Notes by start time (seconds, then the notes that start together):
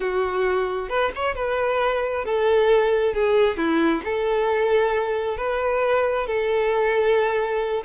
0.00 F#4
0.89 B4
1.15 C#5
1.35 B4
2.24 A4
3.14 G#4
3.57 E4
4.04 A4
5.37 B4
6.26 A4